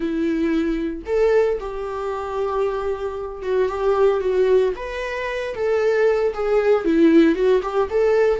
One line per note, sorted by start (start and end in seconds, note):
0.00 1.02 E4
1.06 1.58 A4
1.59 3.42 G4
3.42 3.68 F#4
3.68 4.20 G4
4.20 4.73 F#4
4.76 5.54 B4
5.54 6.33 A4
6.34 6.84 G#4
6.84 7.35 E4
7.35 7.61 F#4
7.62 7.88 G4
7.89 8.40 A4